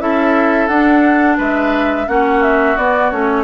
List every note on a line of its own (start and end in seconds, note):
0.00 0.69 C#4
0.00 0.70 E4
0.00 1.38 A4
0.00 0.68 E5
0.68 1.38 D4
0.68 2.08 D4
0.68 1.37 F#5
1.38 2.08 G#3
1.38 2.07 B4
1.38 2.09 E5
2.08 2.77 A#3
2.08 2.77 C#4
2.08 3.45 F#4
2.08 2.43 F#5
2.43 2.78 E5
2.78 3.12 B3
2.78 3.11 D5
3.11 3.45 A3
3.11 3.45 C#4
3.11 3.45 C#5